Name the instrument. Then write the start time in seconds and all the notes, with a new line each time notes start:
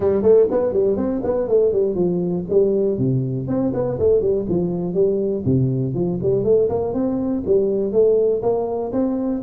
tuba
0.00 G3
0.22 A3
0.50 B3
0.72 G3
0.96 C4
1.23 B3
1.47 A3
1.72 G3
1.95 F3
2.49 G3
2.98 C3
3.47 C4
3.73 B3
3.99 A3
4.20 G3
4.49 F3
4.94 G3
5.45 C3
5.94 F3
6.22 G3
6.44 A3
6.69 A#3
6.93 C4
7.46 G3
7.92 A3
8.42 A#3
8.92 C4